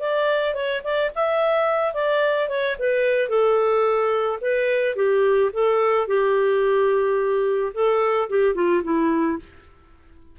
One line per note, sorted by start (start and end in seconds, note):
0.00 0.55 D5
0.55 0.82 C#5
0.84 1.11 D5
1.15 1.94 E5
1.94 2.49 D5
2.49 2.76 C#5
2.79 3.29 B4
3.29 4.39 A4
4.41 4.96 B4
4.96 5.51 G4
5.53 6.08 A4
6.08 7.73 G4
7.74 8.29 A4
8.29 8.55 G4
8.55 8.82 F4
8.84 9.39 E4